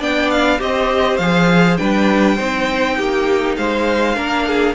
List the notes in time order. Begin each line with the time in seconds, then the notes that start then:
0.00 B3 D4 D5 G5
0.31 F5
0.59 C4 G4 C5 D#5
1.18 F3 G#4 F5
1.77 G3 D4 B4 G5
2.36 C4 D#4 C5
2.97 A#3 G4
3.57 G#3 C5 F5
4.16 A#3 D4 A#4
4.48 G#4